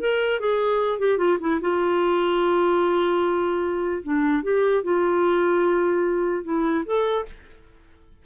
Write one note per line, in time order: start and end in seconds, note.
0.00 0.40 A#4
0.40 0.99 G#4
0.99 1.18 G4
1.18 1.38 F4
1.40 1.60 E4
1.61 4.02 F4
4.03 4.43 D4
4.43 4.83 G4
4.83 6.44 F4
6.44 6.84 E4
6.85 7.26 A4